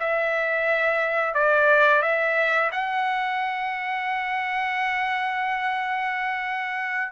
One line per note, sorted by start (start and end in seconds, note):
0.00 1.34 E5
1.34 2.02 D5
2.02 2.71 E5
2.72 7.12 F#5